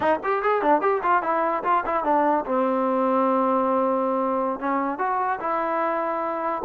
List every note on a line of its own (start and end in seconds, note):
0.00 0.19 D#4
0.23 0.42 G4
0.42 0.61 G#4
0.61 0.81 D4
0.81 1.01 G4
1.02 1.22 F4
1.22 1.63 E4
1.63 1.83 F4
1.85 2.04 E4
2.04 2.44 D4
2.45 4.59 C4
4.59 4.98 C#4
4.98 5.39 F#4
5.40 6.62 E4